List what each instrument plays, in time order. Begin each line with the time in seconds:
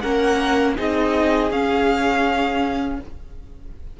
0.00 cello A#3, viola C#4, violin A#4 F#5
0.74 cello C4, viola D#4, violin G#4 D#5
1.51 cello C#4, viola C#4, violin F5